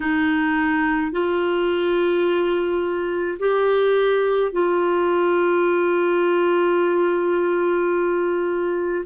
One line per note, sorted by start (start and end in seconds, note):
0.00 1.11 D#4
1.11 3.38 F4
3.39 4.51 G4
4.51 9.04 F4